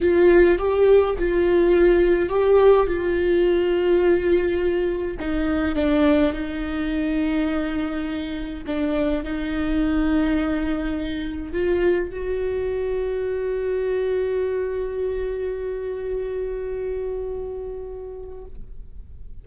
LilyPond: \new Staff \with { instrumentName = "viola" } { \time 4/4 \tempo 4 = 104 f'4 g'4 f'2 | g'4 f'2.~ | f'4 dis'4 d'4 dis'4~ | dis'2. d'4 |
dis'1 | f'4 fis'2.~ | fis'1~ | fis'1 | }